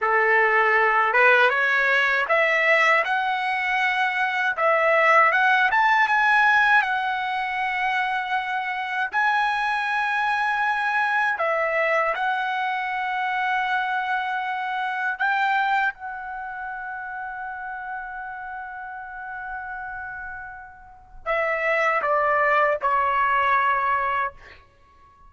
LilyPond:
\new Staff \with { instrumentName = "trumpet" } { \time 4/4 \tempo 4 = 79 a'4. b'8 cis''4 e''4 | fis''2 e''4 fis''8 a''8 | gis''4 fis''2. | gis''2. e''4 |
fis''1 | g''4 fis''2.~ | fis''1 | e''4 d''4 cis''2 | }